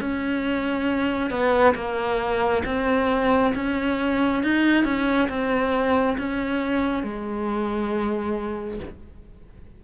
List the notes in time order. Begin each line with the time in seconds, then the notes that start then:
0.00 C#4
1.30 B3
1.74 A#3
2.65 C4
3.55 C#4
4.43 D#4
4.84 C#4
5.28 C4
6.18 C#4
7.03 G#3